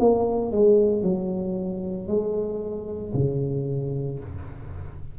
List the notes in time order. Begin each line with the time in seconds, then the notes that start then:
0.00 A#3
0.52 G#3
1.03 F#3
2.08 G#3
3.14 C#3